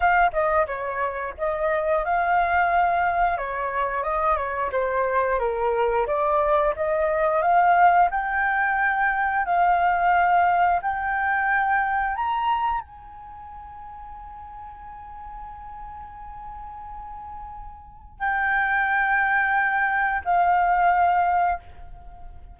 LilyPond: \new Staff \with { instrumentName = "flute" } { \time 4/4 \tempo 4 = 89 f''8 dis''8 cis''4 dis''4 f''4~ | f''4 cis''4 dis''8 cis''8 c''4 | ais'4 d''4 dis''4 f''4 | g''2 f''2 |
g''2 ais''4 gis''4~ | gis''1~ | gis''2. g''4~ | g''2 f''2 | }